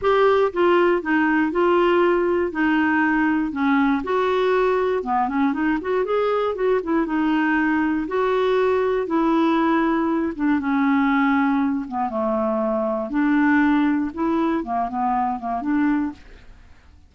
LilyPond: \new Staff \with { instrumentName = "clarinet" } { \time 4/4 \tempo 4 = 119 g'4 f'4 dis'4 f'4~ | f'4 dis'2 cis'4 | fis'2 b8 cis'8 dis'8 fis'8 | gis'4 fis'8 e'8 dis'2 |
fis'2 e'2~ | e'8 d'8 cis'2~ cis'8 b8 | a2 d'2 | e'4 ais8 b4 ais8 d'4 | }